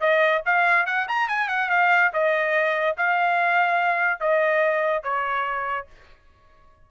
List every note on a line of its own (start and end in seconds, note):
0.00 0.42 D#5
0.45 0.86 F5
0.86 1.07 F#5
1.08 1.28 A#5
1.28 1.48 G#5
1.48 1.69 F#5
1.70 2.11 F5
2.13 2.96 D#5
2.97 4.20 F5
4.20 5.03 D#5
5.03 5.86 C#5